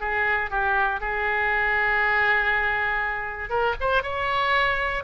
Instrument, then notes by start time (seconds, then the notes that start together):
oboe
0.00 G#4
0.50 G4
1.01 G#4
3.50 A#4
3.80 C5
4.03 C#5